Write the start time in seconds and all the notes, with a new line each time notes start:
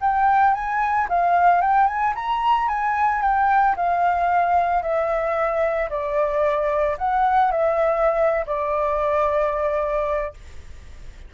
0.00 G5
0.54 G#5
1.09 F5
1.61 G5
1.86 G#5
2.14 A#5
2.68 G#5
3.21 G5
3.76 F5
4.82 E5
5.89 D5
6.97 F#5
7.51 E5
8.46 D5